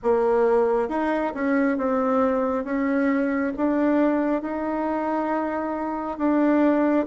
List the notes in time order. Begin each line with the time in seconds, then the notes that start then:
0.02 A#3
0.88 D#4
1.34 C#4
1.77 C4
2.64 C#4
3.57 D4
4.42 D#4
6.18 D4